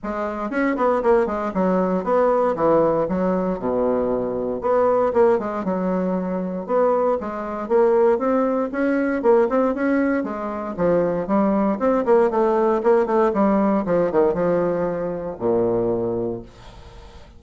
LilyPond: \new Staff \with { instrumentName = "bassoon" } { \time 4/4 \tempo 4 = 117 gis4 cis'8 b8 ais8 gis8 fis4 | b4 e4 fis4 b,4~ | b,4 b4 ais8 gis8 fis4~ | fis4 b4 gis4 ais4 |
c'4 cis'4 ais8 c'8 cis'4 | gis4 f4 g4 c'8 ais8 | a4 ais8 a8 g4 f8 dis8 | f2 ais,2 | }